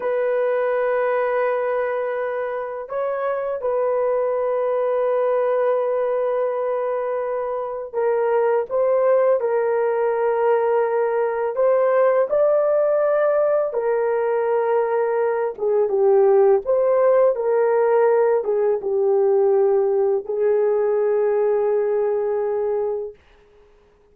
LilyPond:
\new Staff \with { instrumentName = "horn" } { \time 4/4 \tempo 4 = 83 b'1 | cis''4 b'2.~ | b'2. ais'4 | c''4 ais'2. |
c''4 d''2 ais'4~ | ais'4. gis'8 g'4 c''4 | ais'4. gis'8 g'2 | gis'1 | }